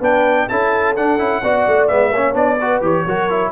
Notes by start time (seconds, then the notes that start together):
0.00 B3 D4 B4 G5
0.49 C#4 E4 A4 A5
0.96 D4 F#5
1.19 C#4 E4
1.43 B3 F#4 D5
1.67 A3
1.87 G#3 B3 E5
2.12 A#3 C#4 C#5
2.34 B3 D4 D5
2.60 F#4 B4
2.82 E3 G4 C#5
3.06 F#3 F#4 A#4
3.30 E4